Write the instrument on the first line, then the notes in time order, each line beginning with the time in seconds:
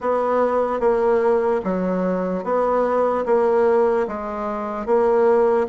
bassoon
0.00 B3
0.80 A#3
1.64 F#3
2.43 B3
3.25 A#3
4.07 G#3
4.85 A#3